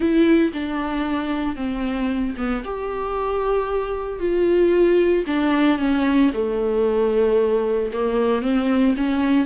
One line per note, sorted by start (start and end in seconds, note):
0.00 0.52 E4
0.53 1.56 D4
1.56 2.34 C4
2.37 2.63 B3
2.64 4.19 G4
4.19 5.24 F4
5.26 5.78 D4
5.78 6.31 C#4
6.33 7.91 A3
7.92 8.42 A#3
8.42 8.94 C4
8.96 9.46 C#4